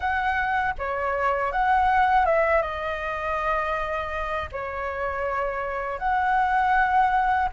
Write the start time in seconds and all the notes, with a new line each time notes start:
0.00 F#5
0.78 C#5
1.52 F#5
2.25 E5
2.61 D#5
4.52 C#5
5.98 F#5